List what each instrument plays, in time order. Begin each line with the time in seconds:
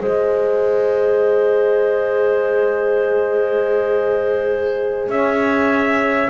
0.00 double bass G#3, horn G#4, clarinet C5, trumpet D#5
5.08 double bass C#4, clarinet C#5, trumpet E5